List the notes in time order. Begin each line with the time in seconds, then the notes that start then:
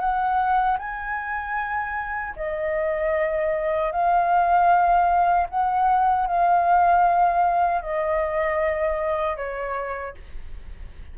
0.00 F#5
0.79 G#5
2.37 D#5
3.92 F5
5.50 F#5
6.27 F5
7.82 D#5
9.37 C#5